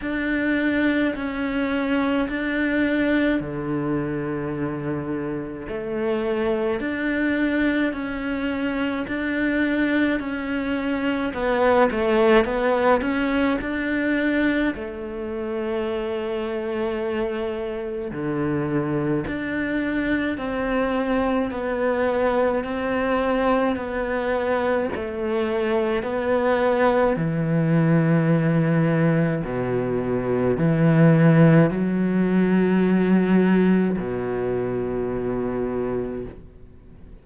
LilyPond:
\new Staff \with { instrumentName = "cello" } { \time 4/4 \tempo 4 = 53 d'4 cis'4 d'4 d4~ | d4 a4 d'4 cis'4 | d'4 cis'4 b8 a8 b8 cis'8 | d'4 a2. |
d4 d'4 c'4 b4 | c'4 b4 a4 b4 | e2 b,4 e4 | fis2 b,2 | }